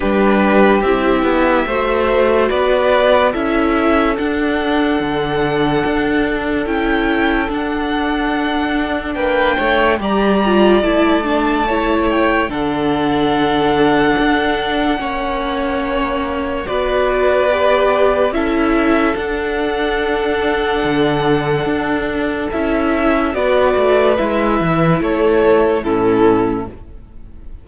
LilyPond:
<<
  \new Staff \with { instrumentName = "violin" } { \time 4/4 \tempo 4 = 72 b'4 e''2 d''4 | e''4 fis''2. | g''4 fis''2 g''4 | ais''4 a''4. g''8 fis''4~ |
fis''1 | d''2 e''4 fis''4~ | fis''2. e''4 | d''4 e''4 cis''4 a'4 | }
  \new Staff \with { instrumentName = "violin" } { \time 4/4 g'2 c''4 b'4 | a'1~ | a'2. b'8 cis''8 | d''2 cis''4 a'4~ |
a'2 cis''2 | b'2 a'2~ | a'1 | b'2 a'4 e'4 | }
  \new Staff \with { instrumentName = "viola" } { \time 4/4 d'4 e'4 fis'2 | e'4 d'2. | e'4 d'2. | g'8 f'8 e'8 d'8 e'4 d'4~ |
d'2 cis'2 | fis'4 g'4 e'4 d'4~ | d'2. e'4 | fis'4 e'2 cis'4 | }
  \new Staff \with { instrumentName = "cello" } { \time 4/4 g4 c'8 b8 a4 b4 | cis'4 d'4 d4 d'4 | cis'4 d'2 ais8 a8 | g4 a2 d4~ |
d4 d'4 ais2 | b2 cis'4 d'4~ | d'4 d4 d'4 cis'4 | b8 a8 gis8 e8 a4 a,4 | }
>>